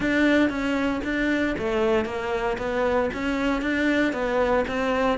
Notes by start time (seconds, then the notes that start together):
0.00 D4
0.49 C#4
1.03 D4
1.58 A3
2.05 A#3
2.58 B3
3.13 C#4
3.61 D4
4.12 B3
4.67 C4